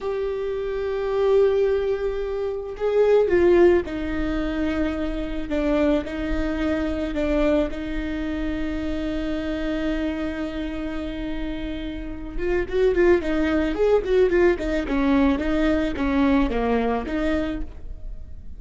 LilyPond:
\new Staff \with { instrumentName = "viola" } { \time 4/4 \tempo 4 = 109 g'1~ | g'4 gis'4 f'4 dis'4~ | dis'2 d'4 dis'4~ | dis'4 d'4 dis'2~ |
dis'1~ | dis'2~ dis'8 f'8 fis'8 f'8 | dis'4 gis'8 fis'8 f'8 dis'8 cis'4 | dis'4 cis'4 ais4 dis'4 | }